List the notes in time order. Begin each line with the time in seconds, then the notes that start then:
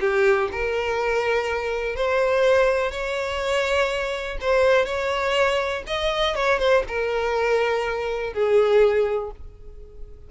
0.00 G4
0.51 A#4
1.95 C5
2.91 C#5
4.41 C5
4.85 C#5
5.87 D#5
6.35 C#5
6.59 C5
6.88 A#4
8.33 G#4